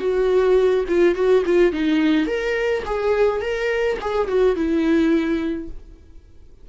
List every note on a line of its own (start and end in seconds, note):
0.00 0.85 F#4
0.89 1.15 F4
1.15 1.44 F#4
1.46 1.73 F4
1.73 2.27 D#4
2.27 2.83 A#4
2.86 3.41 G#4
3.41 3.98 A#4
4.01 4.28 G#4
4.28 4.56 F#4
4.56 5.69 E4